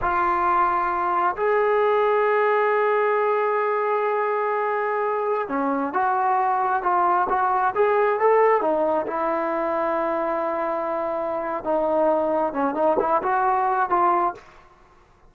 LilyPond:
\new Staff \with { instrumentName = "trombone" } { \time 4/4 \tempo 4 = 134 f'2. gis'4~ | gis'1~ | gis'1~ | gis'16 cis'4 fis'2 f'8.~ |
f'16 fis'4 gis'4 a'4 dis'8.~ | dis'16 e'2.~ e'8.~ | e'2 dis'2 | cis'8 dis'8 e'8 fis'4. f'4 | }